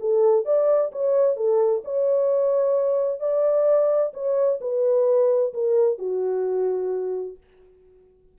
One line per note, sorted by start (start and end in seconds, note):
0.00 0.45 A4
0.45 0.91 D5
0.92 1.36 C#5
1.36 1.82 A4
1.84 3.20 C#5
3.20 4.12 D5
4.13 4.59 C#5
4.61 5.53 B4
5.53 5.99 A#4
5.99 7.37 F#4